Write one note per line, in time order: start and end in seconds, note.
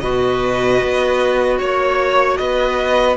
0.00 0.82 B2
0.00 3.17 F#4
0.00 1.59 B4
0.00 1.58 D#5
0.83 1.60 B3
1.59 2.39 A#3
1.59 2.38 C#5
2.38 3.17 B3
2.38 3.17 B4
2.38 3.17 D#5